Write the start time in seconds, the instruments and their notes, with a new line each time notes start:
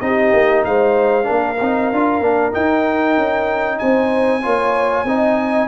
0.00 tuba C4, trombone D#4, horn G4, trumpet D#5
0.33 tuba A#3
0.64 tuba G#3, horn C5, trumpet F5
1.23 trombone D4, horn A#4
1.30 tuba A#3
1.60 tuba C4, trombone D#4
1.92 tuba D4, trombone F4
2.20 tuba A#3, trombone D4
2.52 trombone D#4, tuba D#4, trumpet G5
3.16 tuba C#4
3.78 tuba C4, horn C5, trumpet G#5
4.42 tuba A#3, trombone F4, horn C#5
5.04 tuba C4, trombone D#4, horn D#5